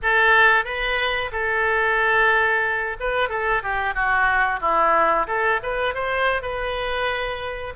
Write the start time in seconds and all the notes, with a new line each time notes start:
0.02 A4
0.64 B4
1.32 A4
3.00 B4
3.29 A4
3.63 G4
3.94 F#4
4.60 E4
5.27 A4
5.62 B4
5.94 C5
6.41 B4